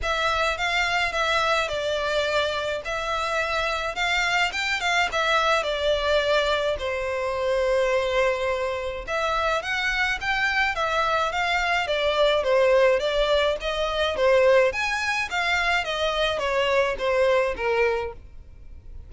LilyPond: \new Staff \with { instrumentName = "violin" } { \time 4/4 \tempo 4 = 106 e''4 f''4 e''4 d''4~ | d''4 e''2 f''4 | g''8 f''8 e''4 d''2 | c''1 |
e''4 fis''4 g''4 e''4 | f''4 d''4 c''4 d''4 | dis''4 c''4 gis''4 f''4 | dis''4 cis''4 c''4 ais'4 | }